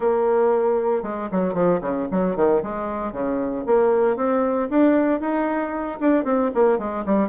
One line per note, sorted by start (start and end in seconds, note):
0.00 1.02 A#3
1.02 1.29 G#3
1.31 1.54 F#3
1.54 1.80 F3
1.81 2.07 C#3
2.11 2.35 F#3
2.35 2.62 D#3
2.62 3.12 G#3
3.12 3.64 C#3
3.66 4.16 A#3
4.16 4.68 C4
4.70 5.20 D4
5.20 5.98 D#4
6.00 6.24 D4
6.24 6.50 C4
6.54 6.78 A#3
6.78 7.04 G#3
7.05 7.29 G3